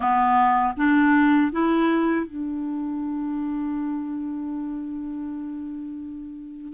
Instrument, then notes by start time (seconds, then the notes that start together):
clarinet
0.00 B3
0.77 D4
1.51 E4
2.26 D4